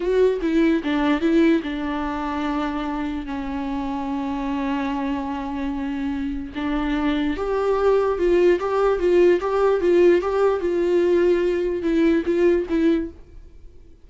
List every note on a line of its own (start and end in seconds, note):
0.00 0.40 F#4
0.41 0.82 E4
0.83 1.20 D4
1.20 1.61 E4
1.62 3.26 D4
3.26 6.52 C#4
6.55 7.36 D4
7.36 8.18 G4
8.18 8.59 F4
8.59 8.99 G4
8.99 9.40 F4
9.40 9.81 G4
9.81 10.21 F4
10.21 10.60 G4
10.60 11.82 F4
11.82 12.23 E4
12.25 12.66 F4
12.69 13.09 E4